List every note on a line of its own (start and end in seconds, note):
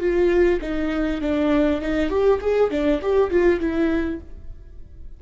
0.00 0.60 F4
0.61 1.21 D#4
1.21 1.81 D4
1.81 2.09 D#4
2.09 2.39 G4
2.41 2.70 G#4
2.70 3.00 D4
3.02 3.30 G4
3.30 3.60 F4
3.60 4.20 E4